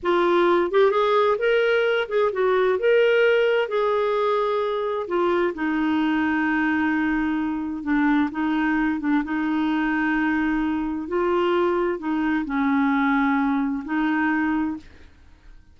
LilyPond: \new Staff \with { instrumentName = "clarinet" } { \time 4/4 \tempo 4 = 130 f'4. g'8 gis'4 ais'4~ | ais'8 gis'8 fis'4 ais'2 | gis'2. f'4 | dis'1~ |
dis'4 d'4 dis'4. d'8 | dis'1 | f'2 dis'4 cis'4~ | cis'2 dis'2 | }